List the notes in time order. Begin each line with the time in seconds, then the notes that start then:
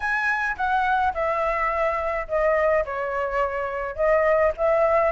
0.00 G#5
0.56 F#5
1.13 E5
2.27 D#5
2.85 C#5
3.95 D#5
4.57 E5